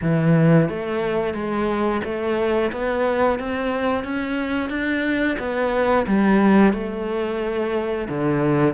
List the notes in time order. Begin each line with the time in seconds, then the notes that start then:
0.01 E3
0.69 A3
1.34 G#3
2.04 A3
2.72 B3
3.39 C4
4.04 C#4
4.69 D4
5.38 B3
6.06 G3
6.73 A3
8.09 D3